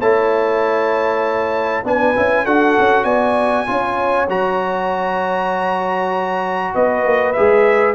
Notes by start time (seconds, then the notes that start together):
0.00 A3 E4 C#5 A5
1.84 B3 D4 B4 G#5
2.16 C#4 E4
2.44 D4 F#4 A4 F#5
2.79 C#4
3.04 B3 D5 G#5
3.67 C#4 F4 C#5
4.29 F#3 F#4 A#5
6.74 B3 B4 D#5
7.05 A#3
7.33 G#4 E5
7.39 G#3